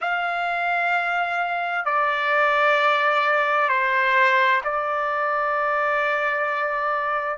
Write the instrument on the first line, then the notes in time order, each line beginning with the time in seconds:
trumpet
0.01 F5
1.85 D5
3.68 C5
4.64 D5